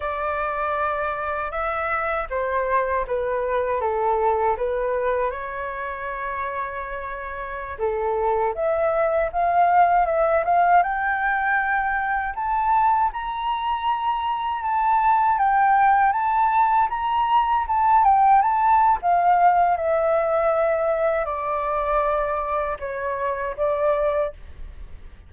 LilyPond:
\new Staff \with { instrumentName = "flute" } { \time 4/4 \tempo 4 = 79 d''2 e''4 c''4 | b'4 a'4 b'4 cis''4~ | cis''2~ cis''16 a'4 e''8.~ | e''16 f''4 e''8 f''8 g''4.~ g''16~ |
g''16 a''4 ais''2 a''8.~ | a''16 g''4 a''4 ais''4 a''8 g''16~ | g''16 a''8. f''4 e''2 | d''2 cis''4 d''4 | }